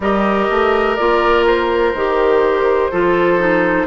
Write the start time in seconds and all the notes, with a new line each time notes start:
0.00 G3 G4 A#4 D#5
0.50 A3
0.95 A#3 F4 D5
1.46 C5
1.94 D#3 G4
2.91 F3 F4 A4
3.39 D#4